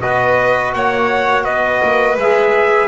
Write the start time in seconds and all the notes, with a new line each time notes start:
0.00 B3 F#4 B4 D#5
0.73 A#3 C#5 F#5
1.44 B3 B4 D#5
1.82 A#3
2.16 G#3 E5
2.22 G#4